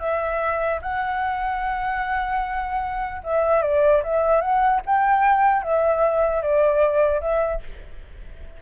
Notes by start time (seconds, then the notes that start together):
0.00 E5
0.82 F#5
3.23 E5
3.62 D5
4.04 E5
4.41 F#5
4.86 G5
5.63 E5
6.42 D5
7.21 E5